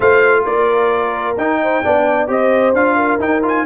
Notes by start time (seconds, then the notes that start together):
0.00 A3 F4 C5 F5
0.45 A#3 A#4 D5
1.36 D#4 G5
1.62 C5
1.83 B3 D4 D5
2.27 C4 G4 C5 D#5
2.73 D4 F4 F5
2.95 A#4
3.19 D#4 G5
3.42 F4 G#5